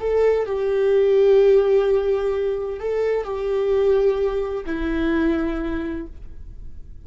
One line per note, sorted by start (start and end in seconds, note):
0.00 0.46 A4
0.46 2.80 G4
2.80 3.25 A4
3.25 4.65 G4
4.66 6.07 E4